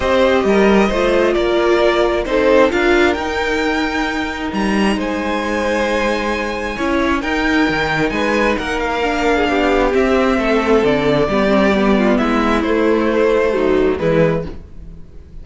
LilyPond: <<
  \new Staff \with { instrumentName = "violin" } { \time 4/4 \tempo 4 = 133 dis''2. d''4~ | d''4 c''4 f''4 g''4~ | g''2 ais''4 gis''4~ | gis''1 |
g''2 gis''4 fis''8 f''8~ | f''2 e''2 | d''2. e''4 | c''2. b'4 | }
  \new Staff \with { instrumentName = "violin" } { \time 4/4 c''4 ais'4 c''4 ais'4~ | ais'4 a'4 ais'2~ | ais'2. c''4~ | c''2. cis''4 |
ais'2 b'4 ais'4~ | ais'8. gis'16 g'2 a'4~ | a'4 g'4. f'8 e'4~ | e'2 dis'4 e'4 | }
  \new Staff \with { instrumentName = "viola" } { \time 4/4 g'2 f'2~ | f'4 dis'4 f'4 dis'4~ | dis'1~ | dis'2. e'4 |
dis'1 | d'2 c'2~ | c'4 b8 c'8 b2 | a2 fis4 gis4 | }
  \new Staff \with { instrumentName = "cello" } { \time 4/4 c'4 g4 a4 ais4~ | ais4 c'4 d'4 dis'4~ | dis'2 g4 gis4~ | gis2. cis'4 |
dis'4 dis4 gis4 ais4~ | ais4 b4 c'4 a4 | d4 g2 gis4 | a2. e4 | }
>>